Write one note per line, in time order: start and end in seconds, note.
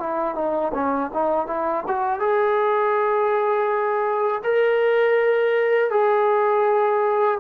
0.00 0.35 E4
0.35 0.72 D#4
0.74 1.11 C#4
1.14 1.47 D#4
1.47 1.85 E4
1.88 2.20 F#4
2.20 4.42 G#4
4.44 5.91 A#4
5.91 7.39 G#4